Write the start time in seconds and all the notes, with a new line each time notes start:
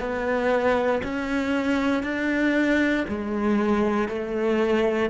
0.00 B3
1.04 C#4
2.03 D4
3.08 G#3
4.09 A3